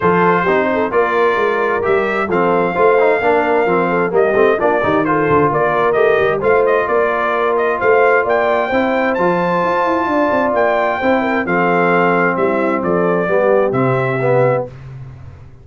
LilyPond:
<<
  \new Staff \with { instrumentName = "trumpet" } { \time 4/4 \tempo 4 = 131 c''2 d''2 | e''4 f''2.~ | f''4 dis''4 d''4 c''4 | d''4 dis''4 f''8 dis''8 d''4~ |
d''8 dis''8 f''4 g''2 | a''2. g''4~ | g''4 f''2 e''4 | d''2 e''2 | }
  \new Staff \with { instrumentName = "horn" } { \time 4/4 a'4 g'8 a'8 ais'2~ | ais'4 a'4 c''4 ais'4~ | ais'8 a'8 g'4 f'8 g'8 a'4 | ais'2 c''4 ais'4~ |
ais'4 c''4 d''4 c''4~ | c''2 d''2 | c''8 ais'8 a'2 e'4 | a'4 g'2. | }
  \new Staff \with { instrumentName = "trombone" } { \time 4/4 f'4 dis'4 f'2 | g'4 c'4 f'8 dis'8 d'4 | c'4 ais8 c'8 d'8 dis'8 f'4~ | f'4 g'4 f'2~ |
f'2. e'4 | f'1 | e'4 c'2.~ | c'4 b4 c'4 b4 | }
  \new Staff \with { instrumentName = "tuba" } { \time 4/4 f4 c'4 ais4 gis4 | g4 f4 a4 ais4 | f4 g8 a8 ais8 dis4 d8 | ais4 a8 g8 a4 ais4~ |
ais4 a4 ais4 c'4 | f4 f'8 e'8 d'8 c'8 ais4 | c'4 f2 g4 | f4 g4 c2 | }
>>